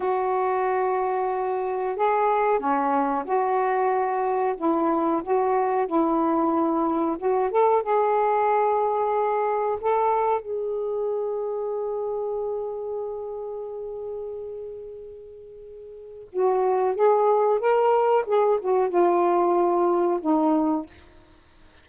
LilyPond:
\new Staff \with { instrumentName = "saxophone" } { \time 4/4 \tempo 4 = 92 fis'2. gis'4 | cis'4 fis'2 e'4 | fis'4 e'2 fis'8 a'8 | gis'2. a'4 |
gis'1~ | gis'1~ | gis'4 fis'4 gis'4 ais'4 | gis'8 fis'8 f'2 dis'4 | }